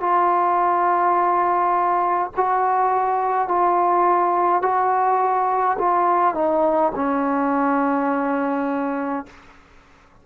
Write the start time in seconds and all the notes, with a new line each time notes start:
0.00 F4
2.37 F#4
3.48 F4
4.62 F#4
5.78 F4
6.35 D#4
6.95 C#4